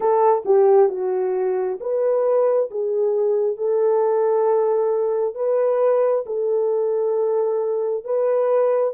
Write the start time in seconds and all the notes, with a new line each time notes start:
0.00 A4
0.45 G4
0.89 F#4
1.80 B4
2.71 G#4
3.57 A4
5.34 B4
6.26 A4
8.04 B4